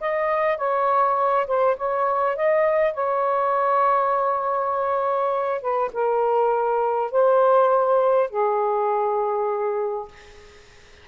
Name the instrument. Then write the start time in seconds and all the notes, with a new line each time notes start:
saxophone
0.00 D#5
0.57 C#5
1.47 C5
1.76 C#5
2.36 D#5
2.94 C#5
5.61 B4
5.93 A#4
7.11 C5
8.30 G#4